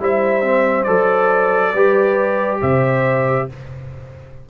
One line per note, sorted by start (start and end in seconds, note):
0.00 0.87 G3
0.00 0.43 E4
0.00 1.74 C5
0.00 0.84 E5
0.43 0.86 C4
0.84 1.74 F#3
0.84 1.74 A4
0.84 2.58 D5
1.74 2.61 G3
1.74 3.50 G4
1.74 2.61 B4
2.61 3.49 C3
2.61 3.48 C5
2.61 3.49 E5